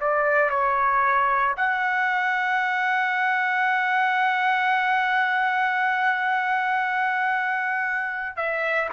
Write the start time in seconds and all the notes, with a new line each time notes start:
0.00 D5
0.50 C#5
1.56 F#5
8.36 E5